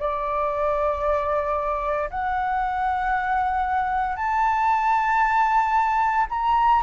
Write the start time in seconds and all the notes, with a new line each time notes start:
0.00 D5
2.11 F#5
4.17 A5
6.30 A#5